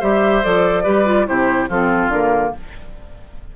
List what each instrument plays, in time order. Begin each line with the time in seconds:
0.00 bassoon G3, clarinet G4, oboe C5, flute E5
0.43 bassoon F3, clarinet A4, flute D5
0.84 bassoon G3, clarinet G4, oboe B4
1.05 clarinet F4
1.26 bassoon C3, clarinet E4, oboe G4, flute C5
1.69 bassoon F3, clarinet C4, oboe F4, flute A4
2.08 bassoon D3, clarinet A#3, flute A#4